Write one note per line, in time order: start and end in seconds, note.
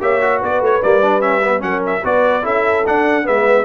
0.00 0.42 A#3
0.00 0.20 G4
0.00 0.39 C#5
0.00 0.42 E5
0.20 0.81 F#4
0.39 0.60 B3
0.39 1.61 B4
0.39 0.63 D5
0.60 0.80 A3
0.60 0.82 C#5
0.82 1.61 G3
0.82 1.02 A#3
0.82 1.21 D5
1.02 1.21 D4
1.21 1.41 C#4
1.21 1.61 E5
1.42 1.59 B3
1.59 2.02 F#3
1.59 1.99 C#4
1.59 2.04 A#4
1.59 1.82 F#5
1.86 2.05 E5
2.04 2.44 B3
2.04 2.42 F#4
2.04 2.43 B4
2.04 2.45 D5
2.42 2.85 C#4
2.42 2.83 E4
2.42 3.24 A4
2.42 2.86 E5
2.85 3.23 D4
2.85 3.27 D4
2.85 3.26 F#5
3.23 3.65 G#3
3.23 3.64 B3
3.23 3.65 B4
3.23 3.65 E5